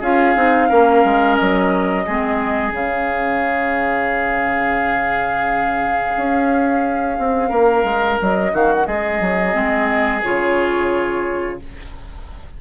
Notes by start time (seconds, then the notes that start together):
0.00 C#4 F4 G#4 F5
0.36 C4 D#4
0.69 A#3 C#4 A#4
1.04 G#3
1.36 F#3 D#5
2.06 G#3 C4 G#4
2.72 C#3 C#4 F5
6.17 C#4
7.18 C4
7.49 A#3 A#4
7.84 G#3
8.22 F#3 D#5
8.53 D#3 F#4 F5
8.72 F#5
8.86 G#3 G#4 D#5
9.21 F#3
9.52 G#3 C4
10.23 C#3 F4 C#5